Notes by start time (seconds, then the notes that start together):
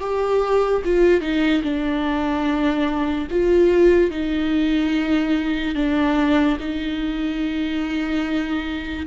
0.00 G4
0.85 F4
1.21 D#4
1.63 D4
3.31 F4
4.11 D#4
5.75 D4
6.60 D#4